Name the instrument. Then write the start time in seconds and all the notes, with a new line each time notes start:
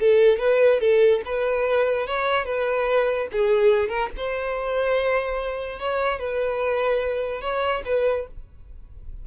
violin
0.00 A4
0.39 B4
0.81 A4
1.25 B4
2.07 C#5
2.45 B4
3.32 G#4
3.89 A#4
4.17 C5
5.79 C#5
6.19 B4
7.41 C#5
7.85 B4